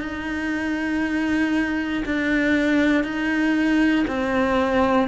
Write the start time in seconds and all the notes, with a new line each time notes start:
0.00 D#4
2.05 D4
3.04 D#4
4.07 C4